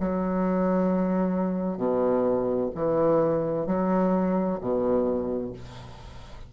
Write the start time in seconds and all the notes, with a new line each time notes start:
0.00 F#3
1.77 B2
2.75 E3
3.67 F#3
4.61 B2